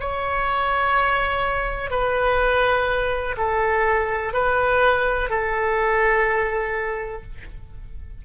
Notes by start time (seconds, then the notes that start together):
0.00 C#5
1.90 B4
3.37 A4
4.33 B4
5.30 A4